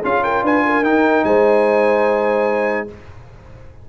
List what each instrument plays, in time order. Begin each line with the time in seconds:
0.00 tuba C#4, trombone F4, horn G#4, trumpet F5
0.24 horn A#4, trumpet G5
0.43 tuba D4, horn B4, trumpet G#5
0.66 horn A#4
0.83 tuba D#4, trombone D#4, trumpet G5
1.24 tuba G#3, horn C5, trumpet G#5